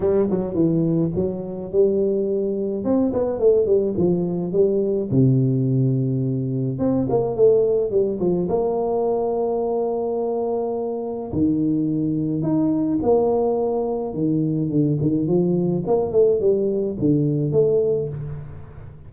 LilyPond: \new Staff \with { instrumentName = "tuba" } { \time 4/4 \tempo 4 = 106 g8 fis8 e4 fis4 g4~ | g4 c'8 b8 a8 g8 f4 | g4 c2. | c'8 ais8 a4 g8 f8 ais4~ |
ais1 | dis2 dis'4 ais4~ | ais4 dis4 d8 dis8 f4 | ais8 a8 g4 d4 a4 | }